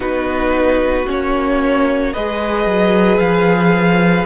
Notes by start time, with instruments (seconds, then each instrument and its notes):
0.00 cello B3, viola D#4, violin F#4 B4
1.06 cello A#3, viola C#4, violin C#5
2.13 cello G#3, viola G#4, violin B4 D#5
2.65 cello F#3
3.19 cello F3, violin F5